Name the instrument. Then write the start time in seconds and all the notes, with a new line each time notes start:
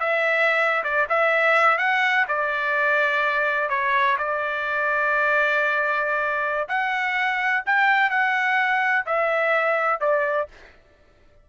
trumpet
0.00 E5
0.84 D5
1.09 E5
1.78 F#5
2.28 D5
3.69 C#5
4.18 D5
6.69 F#5
7.66 G5
8.10 F#5
9.06 E5
10.00 D5